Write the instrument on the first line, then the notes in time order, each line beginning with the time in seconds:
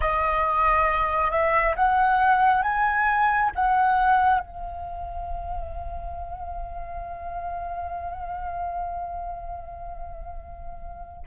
flute
0.00 D#5
1.30 E5
1.76 F#5
2.62 G#5
3.55 F#5
4.39 F5